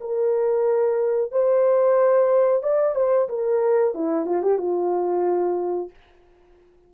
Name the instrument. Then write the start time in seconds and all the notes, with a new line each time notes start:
horn
0.00 A#4
1.31 C5
2.63 D5
2.95 C5
3.28 A#4
3.94 E4
4.25 F4
4.42 G4
4.58 F4